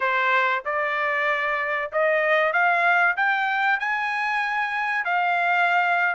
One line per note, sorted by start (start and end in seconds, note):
0.00 0.63 C5
0.65 1.91 D5
1.92 2.52 D#5
2.52 3.16 F5
3.16 3.79 G5
3.79 5.04 G#5
5.04 6.15 F5